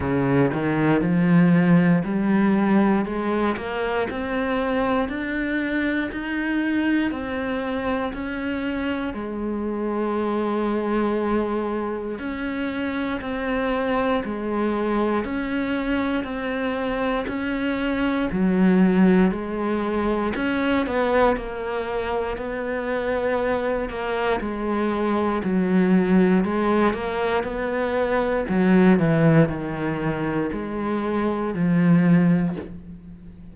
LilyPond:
\new Staff \with { instrumentName = "cello" } { \time 4/4 \tempo 4 = 59 cis8 dis8 f4 g4 gis8 ais8 | c'4 d'4 dis'4 c'4 | cis'4 gis2. | cis'4 c'4 gis4 cis'4 |
c'4 cis'4 fis4 gis4 | cis'8 b8 ais4 b4. ais8 | gis4 fis4 gis8 ais8 b4 | fis8 e8 dis4 gis4 f4 | }